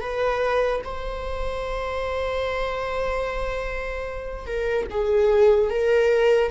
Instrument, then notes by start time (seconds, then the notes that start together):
viola
0.00 B4
0.84 C5
4.46 A#4
4.90 G#4
5.70 A#4